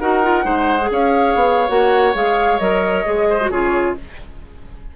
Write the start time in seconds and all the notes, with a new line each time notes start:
0.00 D#4 F#4 A#4 F#5
0.24 F4
0.44 G#3 D#4 C5
0.81 G#4
0.91 C#4 C#5 F5
1.35 B3
1.68 A#3 F#4 F#5
2.14 G#3 G#4 F5
2.59 F#3 A#4 D#5
3.05 G#3 G#4
3.30 C5
3.41 F#4
3.50 C#3 F4 G#4 C#5